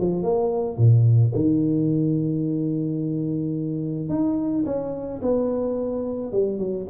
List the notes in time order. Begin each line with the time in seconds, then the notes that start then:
0.00 F3
0.23 A#3
0.77 A#2
1.35 D#3
4.09 D#4
4.65 C#4
5.22 B3
6.32 G3
6.58 F#3